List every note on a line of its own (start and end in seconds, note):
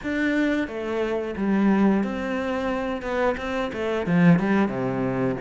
0.03 0.67 D4
0.67 1.35 A3
1.36 2.03 G3
2.03 3.02 C4
3.02 3.35 B3
3.37 3.71 C4
3.72 4.06 A3
4.06 4.39 F3
4.39 4.68 G3
4.68 5.36 C3